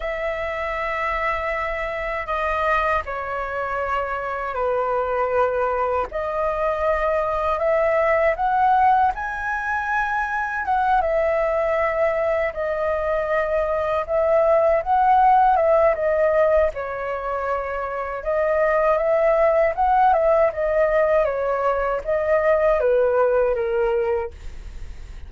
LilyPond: \new Staff \with { instrumentName = "flute" } { \time 4/4 \tempo 4 = 79 e''2. dis''4 | cis''2 b'2 | dis''2 e''4 fis''4 | gis''2 fis''8 e''4.~ |
e''8 dis''2 e''4 fis''8~ | fis''8 e''8 dis''4 cis''2 | dis''4 e''4 fis''8 e''8 dis''4 | cis''4 dis''4 b'4 ais'4 | }